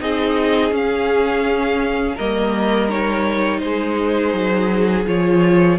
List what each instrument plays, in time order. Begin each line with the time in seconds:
0.00 cello C4, viola D#4, violin G#4 D#5
0.71 viola C#4, cello C#4, violin F5
2.15 cello G3, viola A#3, violin A#4 D#5
2.89 viola D#4, violin C#5
3.59 cello G#3, violin G#4 C5
4.34 cello F#3
5.07 cello F3, viola F4, violin C#5